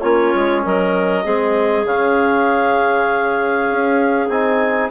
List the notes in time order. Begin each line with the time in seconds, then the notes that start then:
0.00 A#3 C#4 F4 C#5
0.34 G#3
0.64 F#3 A#4 D#5
1.24 G#3 C4 G#4
1.84 C#3 C#4 F5
3.70 C#4
4.28 C4 D#4 G#5